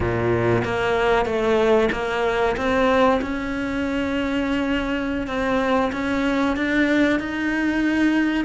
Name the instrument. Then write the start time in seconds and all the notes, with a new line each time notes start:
cello
0.00 A#2
0.64 A#3
1.25 A3
1.92 A#3
2.56 C4
3.21 C#4
5.27 C4
5.92 C#4
6.56 D4
7.19 D#4